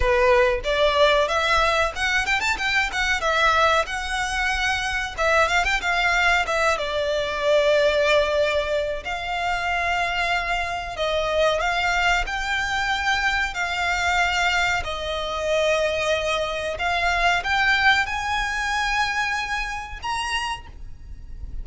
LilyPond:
\new Staff \with { instrumentName = "violin" } { \time 4/4 \tempo 4 = 93 b'4 d''4 e''4 fis''8 g''16 a''16 | g''8 fis''8 e''4 fis''2 | e''8 f''16 g''16 f''4 e''8 d''4.~ | d''2 f''2~ |
f''4 dis''4 f''4 g''4~ | g''4 f''2 dis''4~ | dis''2 f''4 g''4 | gis''2. ais''4 | }